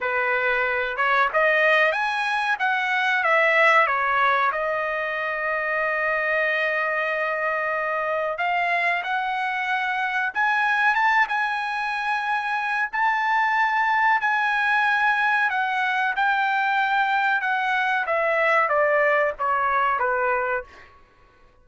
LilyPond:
\new Staff \with { instrumentName = "trumpet" } { \time 4/4 \tempo 4 = 93 b'4. cis''8 dis''4 gis''4 | fis''4 e''4 cis''4 dis''4~ | dis''1~ | dis''4 f''4 fis''2 |
gis''4 a''8 gis''2~ gis''8 | a''2 gis''2 | fis''4 g''2 fis''4 | e''4 d''4 cis''4 b'4 | }